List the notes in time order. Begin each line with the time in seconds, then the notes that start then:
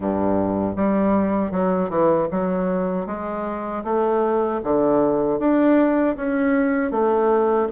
0.00 G2
0.76 G3
1.51 F#3
1.89 E3
2.31 F#3
3.06 G#3
3.84 A3
4.63 D3
5.39 D4
6.16 C#4
6.91 A3